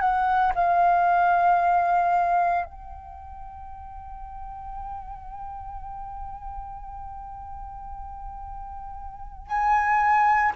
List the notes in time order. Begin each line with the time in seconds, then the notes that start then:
0.00 F#5
0.55 F5
2.65 G5
9.47 G#5